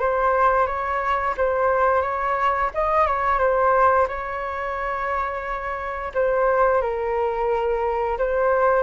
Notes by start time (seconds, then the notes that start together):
0.00 C5
0.67 C#5
1.37 C5
2.02 C#5
2.74 D#5
3.07 C#5
3.39 C5
4.08 C#5
6.14 C5
6.82 A#4
8.18 C5